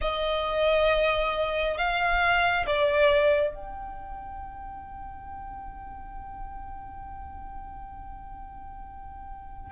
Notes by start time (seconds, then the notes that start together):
0.01 D#5
1.77 F5
2.66 D5
3.54 G5